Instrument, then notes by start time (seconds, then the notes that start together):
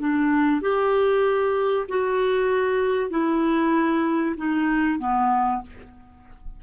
clarinet
0.00 D4
0.62 G4
1.89 F#4
3.11 E4
4.38 D#4
5.00 B3